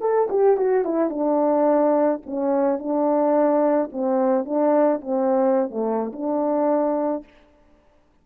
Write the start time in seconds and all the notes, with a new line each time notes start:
0.00 A4
0.29 G4
0.56 F#4
0.84 E4
1.09 D4
2.26 C#4
2.79 D4
3.92 C4
4.45 D4
5.01 C4
5.70 A3
6.12 D4